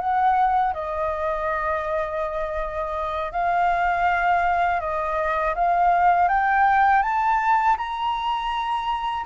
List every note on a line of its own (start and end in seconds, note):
0.00 0.74 F#5
0.74 3.33 D#5
3.33 4.81 F5
4.81 5.55 D#5
5.55 6.29 F5
6.29 7.03 G5
7.03 7.77 A5
7.78 9.26 A#5